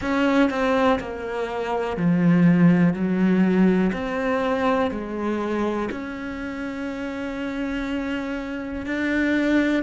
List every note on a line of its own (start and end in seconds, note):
0.01 0.50 C#4
0.50 0.99 C4
0.99 1.96 A#3
1.96 2.93 F3
2.93 3.91 F#3
3.93 4.90 C4
4.90 5.89 G#3
5.91 8.86 C#4
8.86 9.83 D4